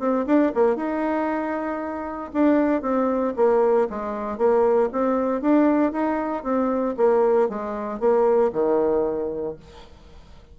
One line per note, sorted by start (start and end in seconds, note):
0.00 0.26 C4
0.27 0.52 D4
0.55 0.76 A#3
0.76 2.31 D#4
2.34 2.82 D4
2.82 3.34 C4
3.36 3.88 A#3
3.90 4.38 G#3
4.38 4.90 A#3
4.93 5.42 C4
5.42 5.93 D4
5.93 6.44 D#4
6.44 6.96 C4
6.98 7.49 A#3
7.49 8.00 G#3
8.00 8.52 A#3
8.53 9.56 D#3